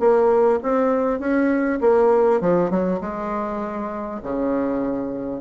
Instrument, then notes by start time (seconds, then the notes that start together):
bassoon
0.00 A#3
0.63 C4
1.20 C#4
1.81 A#3
2.41 F3
2.71 F#3
3.01 G#3
4.23 C#3